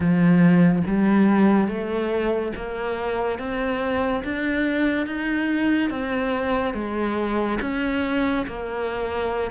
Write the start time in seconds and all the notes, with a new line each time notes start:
0.00 F3
0.86 G3
1.67 A3
2.56 A#3
3.38 C4
4.24 D4
5.06 D#4
5.90 C4
6.74 G#3
7.61 C#4
8.47 A#3